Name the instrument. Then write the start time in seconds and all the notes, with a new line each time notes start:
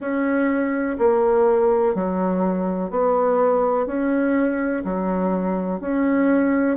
bassoon
0.00 C#4
0.98 A#3
1.94 F#3
2.90 B3
3.86 C#4
4.84 F#3
5.80 C#4